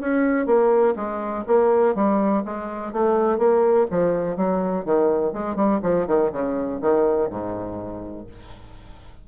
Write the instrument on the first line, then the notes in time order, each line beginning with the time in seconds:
bassoon
0.00 C#4
0.46 A#3
0.96 G#3
1.47 A#3
1.95 G3
2.45 G#3
2.93 A3
3.38 A#3
3.90 F3
4.37 F#3
4.85 D#3
5.33 G#3
5.56 G3
5.83 F3
6.07 D#3
6.32 C#3
6.81 D#3
7.30 G#2